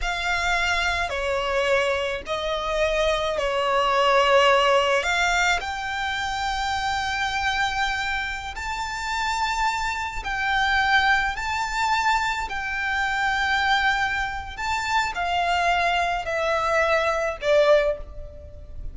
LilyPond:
\new Staff \with { instrumentName = "violin" } { \time 4/4 \tempo 4 = 107 f''2 cis''2 | dis''2 cis''2~ | cis''4 f''4 g''2~ | g''2.~ g''16 a''8.~ |
a''2~ a''16 g''4.~ g''16~ | g''16 a''2 g''4.~ g''16~ | g''2 a''4 f''4~ | f''4 e''2 d''4 | }